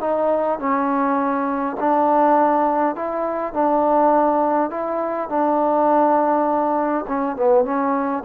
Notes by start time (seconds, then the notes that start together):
0.00 D#4
0.59 C#4
1.79 D4
2.95 E4
3.53 D4
4.70 E4
5.29 D4
7.08 C#4
7.36 B3
7.64 C#4